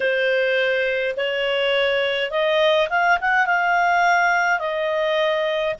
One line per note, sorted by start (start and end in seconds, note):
0.00 1.15 C5
1.16 2.30 C#5
2.30 2.88 D#5
2.89 3.18 F5
3.20 3.46 F#5
3.46 4.59 F5
4.59 5.74 D#5